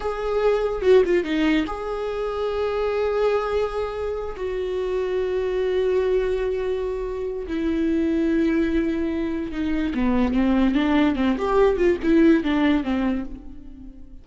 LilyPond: \new Staff \with { instrumentName = "viola" } { \time 4/4 \tempo 4 = 145 gis'2 fis'8 f'8 dis'4 | gis'1~ | gis'2~ gis'8 fis'4.~ | fis'1~ |
fis'2 e'2~ | e'2. dis'4 | b4 c'4 d'4 c'8 g'8~ | g'8 f'8 e'4 d'4 c'4 | }